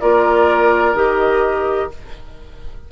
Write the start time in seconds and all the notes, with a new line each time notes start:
0.00 A#3 F4 A#4 D5
0.94 D#3 G4 D#5